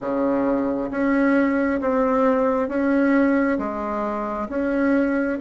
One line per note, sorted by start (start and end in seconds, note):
0.00 0.90 C#3
0.90 1.80 C#4
1.80 2.68 C4
2.68 3.58 C#4
3.58 4.48 G#3
4.48 5.38 C#4